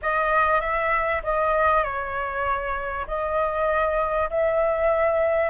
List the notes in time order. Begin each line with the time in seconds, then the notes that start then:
0.02 D#5
0.60 E5
1.23 D#5
1.83 C#5
3.07 D#5
4.30 E5